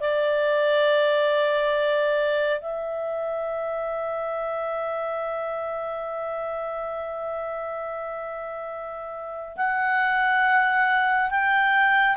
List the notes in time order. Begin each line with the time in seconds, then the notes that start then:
0.00 D5
2.60 E5
9.57 F#5
11.30 G5